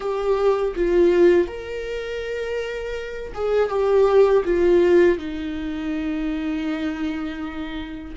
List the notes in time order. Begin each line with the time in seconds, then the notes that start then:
0.00 G4
0.75 F4
1.47 A#4
3.34 G#4
3.69 G4
4.44 F4
5.18 D#4